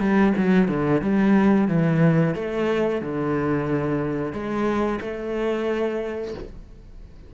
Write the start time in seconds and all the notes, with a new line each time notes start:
0.00 G3
0.37 F#3
0.68 D3
1.02 G3
1.68 E3
2.35 A3
3.02 D3
4.33 G#3
5.01 A3